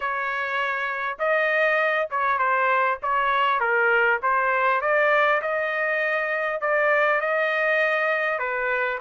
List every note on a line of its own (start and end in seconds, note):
0.00 1.18 C#5
1.18 2.08 D#5
2.10 2.38 C#5
2.38 2.98 C5
3.02 3.60 C#5
3.60 4.20 A#4
4.22 4.81 C5
4.81 5.41 D5
5.41 6.60 D#5
6.60 7.20 D5
7.20 8.38 D#5
8.38 8.98 B4